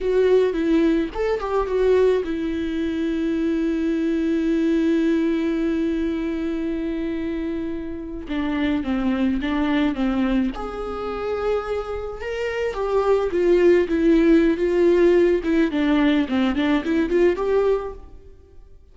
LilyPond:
\new Staff \with { instrumentName = "viola" } { \time 4/4 \tempo 4 = 107 fis'4 e'4 a'8 g'8 fis'4 | e'1~ | e'1~ | e'2~ e'8. d'4 c'16~ |
c'8. d'4 c'4 gis'4~ gis'16~ | gis'4.~ gis'16 ais'4 g'4 f'16~ | f'8. e'4~ e'16 f'4. e'8 | d'4 c'8 d'8 e'8 f'8 g'4 | }